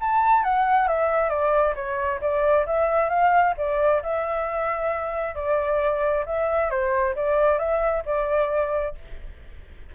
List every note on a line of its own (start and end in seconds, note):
0.00 0.43 A5
0.43 0.88 F#5
0.88 1.29 E5
1.29 1.74 D5
1.75 2.20 C#5
2.21 2.66 D5
2.66 3.09 E5
3.09 3.54 F5
3.57 4.02 D5
4.03 5.35 E5
5.35 6.24 D5
6.26 6.70 E5
6.70 7.15 C5
7.15 7.59 D5
7.59 8.03 E5
8.05 8.95 D5